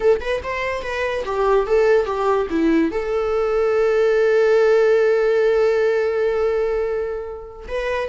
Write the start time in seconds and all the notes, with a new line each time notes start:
0.00 A4
0.20 B4
0.43 C5
0.82 B4
1.25 G4
1.66 A4
2.05 G4
2.49 E4
2.91 A4
7.68 B4